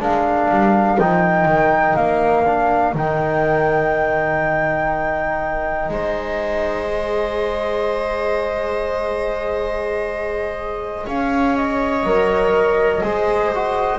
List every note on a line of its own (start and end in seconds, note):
0.00 0.49 G#3
0.00 0.98 D4
0.00 5.92 A#4
0.00 0.99 F5
0.50 0.98 G3
0.98 1.45 F3
0.98 2.45 D#4
0.98 1.96 G5
1.45 1.94 D#3
1.96 2.94 A#3
1.96 2.94 F5
2.45 2.94 D4
2.94 5.89 D#3
2.94 6.87 D#4
2.94 5.91 G5
5.89 11.05 G#3
5.89 11.06 C5
5.89 11.08 D#5
6.87 12.03 G#4
11.06 12.03 C#4
11.06 13.03 C#5
11.06 11.57 F5
11.57 13.99 D#5
12.03 13.02 F#3
12.03 13.02 A#4
13.02 13.99 G#3
13.02 13.52 G#4
13.02 13.99 C5
13.54 13.99 F#4